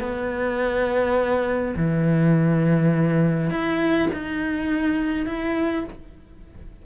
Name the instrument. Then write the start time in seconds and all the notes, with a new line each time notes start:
cello
0.00 B3
1.76 E3
3.51 E4
4.13 D#4
5.26 E4